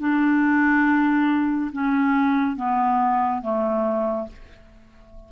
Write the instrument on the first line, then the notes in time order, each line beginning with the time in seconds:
clarinet
0.00 D4
1.73 C#4
2.56 B3
3.42 A3